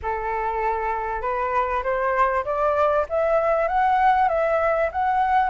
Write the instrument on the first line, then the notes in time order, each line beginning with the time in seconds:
flute
0.02 A4
1.21 B4
1.83 C5
2.45 D5
3.09 E5
3.68 F#5
4.28 E5
4.91 F#5